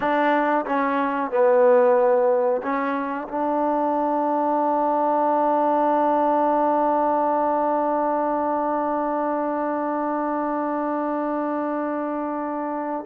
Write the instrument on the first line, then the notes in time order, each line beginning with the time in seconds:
trombone
0.00 D4
0.65 C#4
1.30 B3
2.62 C#4
3.28 D4